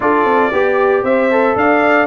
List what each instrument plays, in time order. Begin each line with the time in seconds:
0.00 tuba D4, trombone F4, horn A4, trumpet D5
0.25 tuba C4
0.51 tuba B3, horn G4, trombone G4
1.03 tuba C4, horn C5, trumpet E5
1.31 trombone A4
1.55 tuba D4, horn D5, trumpet F5